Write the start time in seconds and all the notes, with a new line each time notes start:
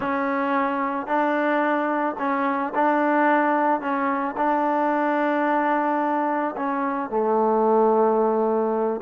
0.00 C#4
1.07 D4
2.18 C#4
2.74 D4
3.80 C#4
4.37 D4
6.56 C#4
7.10 A3